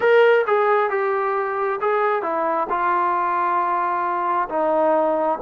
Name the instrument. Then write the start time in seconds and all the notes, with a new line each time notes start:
trombone
0.00 A#4
0.46 G#4
0.90 G4
1.81 G#4
2.22 E4
2.69 F4
4.49 D#4